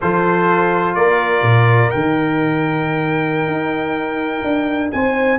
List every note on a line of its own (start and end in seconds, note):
0.01 0.95 F3
0.01 1.93 F4
0.01 0.97 A4
0.01 0.95 C5
0.95 1.42 A#3
0.95 4.93 A#4
0.95 1.90 D5
1.42 1.90 A#2
1.90 3.47 D#3
1.90 5.39 D#4
1.90 4.90 G5
3.47 4.43 D#4
4.43 4.91 D4
4.91 5.39 C4
4.91 5.39 C5
4.91 5.39 G#5